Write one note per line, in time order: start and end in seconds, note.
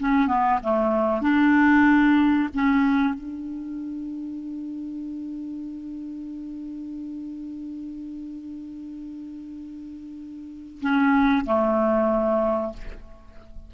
0.00 0.28 C#4
0.28 0.60 B3
0.64 1.22 A3
1.22 2.49 D4
2.54 3.15 C#4
3.15 10.80 D4
10.81 11.45 C#4
11.45 12.73 A3